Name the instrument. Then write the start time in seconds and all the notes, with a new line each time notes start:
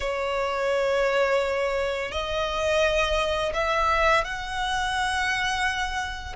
violin
0.00 C#5
2.11 D#5
3.53 E5
4.24 F#5